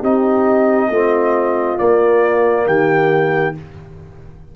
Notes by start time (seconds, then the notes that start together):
0.00 C4 D#4 G4 D#5
0.89 A3 C4 F4
1.78 A#3 D5
2.66 D#3 G4 G5